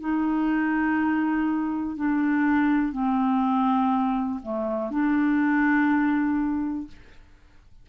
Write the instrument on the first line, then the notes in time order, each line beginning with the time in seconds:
clarinet
0.00 D#4
1.96 D4
2.92 C4
4.43 A3
4.90 D4